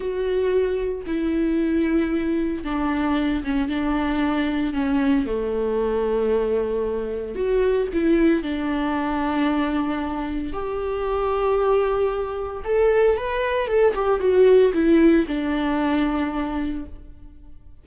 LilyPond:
\new Staff \with { instrumentName = "viola" } { \time 4/4 \tempo 4 = 114 fis'2 e'2~ | e'4 d'4. cis'8 d'4~ | d'4 cis'4 a2~ | a2 fis'4 e'4 |
d'1 | g'1 | a'4 b'4 a'8 g'8 fis'4 | e'4 d'2. | }